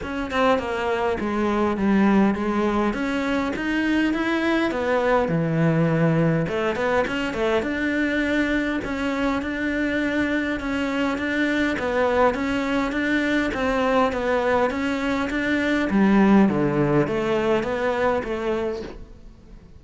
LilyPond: \new Staff \with { instrumentName = "cello" } { \time 4/4 \tempo 4 = 102 cis'8 c'8 ais4 gis4 g4 | gis4 cis'4 dis'4 e'4 | b4 e2 a8 b8 | cis'8 a8 d'2 cis'4 |
d'2 cis'4 d'4 | b4 cis'4 d'4 c'4 | b4 cis'4 d'4 g4 | d4 a4 b4 a4 | }